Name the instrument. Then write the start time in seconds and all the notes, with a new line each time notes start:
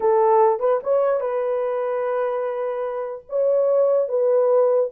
horn
0.00 A4
0.59 B4
0.83 C#5
1.20 B4
3.29 C#5
4.08 B4